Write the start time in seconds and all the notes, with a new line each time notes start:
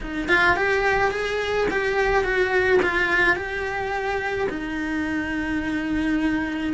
0.00 D#4
0.28 F4
0.56 G4
1.11 G#4
1.70 G4
2.24 F#4
2.82 F4
3.35 G4
4.49 D#4